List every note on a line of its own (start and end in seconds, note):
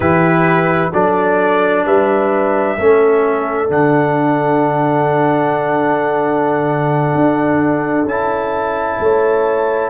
0.00 0.91 E3
0.00 0.92 E4
0.00 0.91 G4
0.00 0.91 B4
0.92 1.85 F#3
0.92 2.78 D4
0.92 1.85 A4
0.92 1.85 D5
1.85 2.77 G3
1.85 2.77 B4
1.85 3.71 E5
2.77 3.69 A3
2.77 3.68 C#4
2.77 9.00 A4
3.68 7.14 D3
3.68 8.06 D4
3.68 8.07 F#5
7.14 8.05 D4
8.05 8.97 C#4
8.05 9.90 E4
8.05 9.90 A5
8.99 9.90 A3
8.99 9.90 C#5